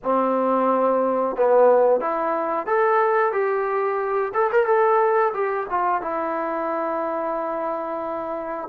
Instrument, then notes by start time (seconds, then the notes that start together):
trombone
0.03 C4
1.36 B3
2.00 E4
2.66 A4
3.32 G4
4.34 A4
4.51 A#4
4.66 A4
5.33 G4
5.70 F4
6.02 E4